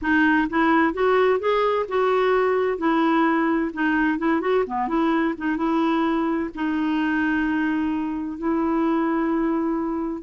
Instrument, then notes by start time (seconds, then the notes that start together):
clarinet
0.01 D#4
0.49 E4
0.93 F#4
1.39 G#4
1.88 F#4
2.78 E4
3.73 D#4
4.18 E4
4.41 F#4
4.67 B3
4.88 E4
5.37 D#4
5.56 E4
6.54 D#4
8.37 E4